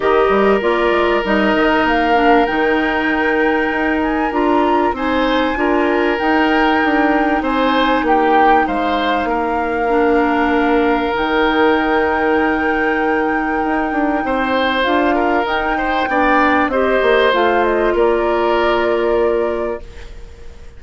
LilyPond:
<<
  \new Staff \with { instrumentName = "flute" } { \time 4/4 \tempo 4 = 97 dis''4 d''4 dis''4 f''4 | g''2~ g''8 gis''8 ais''4 | gis''2 g''2 | gis''4 g''4 f''2~ |
f''2 g''2~ | g''1 | f''4 g''2 dis''4 | f''8 dis''8 d''2. | }
  \new Staff \with { instrumentName = "oboe" } { \time 4/4 ais'1~ | ais'1 | c''4 ais'2. | c''4 g'4 c''4 ais'4~ |
ais'1~ | ais'2. c''4~ | c''8 ais'4 c''8 d''4 c''4~ | c''4 ais'2. | }
  \new Staff \with { instrumentName = "clarinet" } { \time 4/4 g'4 f'4 dis'4. d'8 | dis'2. f'4 | dis'4 f'4 dis'2~ | dis'1 |
d'2 dis'2~ | dis'1 | f'4 dis'4 d'4 g'4 | f'1 | }
  \new Staff \with { instrumentName = "bassoon" } { \time 4/4 dis8 g8 ais8 gis8 g8 dis8 ais4 | dis2 dis'4 d'4 | c'4 d'4 dis'4 d'4 | c'4 ais4 gis4 ais4~ |
ais2 dis2~ | dis2 dis'8 d'8 c'4 | d'4 dis'4 b4 c'8 ais8 | a4 ais2. | }
>>